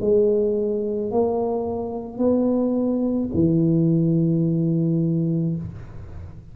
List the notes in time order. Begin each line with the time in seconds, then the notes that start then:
0.00 G#3
1.11 A#3
2.18 B3
3.33 E3